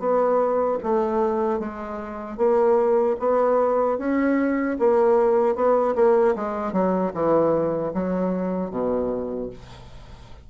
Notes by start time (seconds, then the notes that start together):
0.00 B3
0.84 A3
1.60 G#3
2.38 A#3
3.20 B3
3.99 C#4
4.79 A#3
5.56 B3
5.96 A#3
6.36 G#3
6.73 F#3
7.14 E3
7.94 F#3
8.71 B2